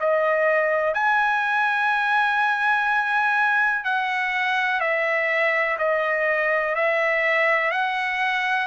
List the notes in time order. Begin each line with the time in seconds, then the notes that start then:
0.00 D#5
0.94 G#5
3.85 F#5
4.81 E5
5.78 D#5
6.75 E5
7.72 F#5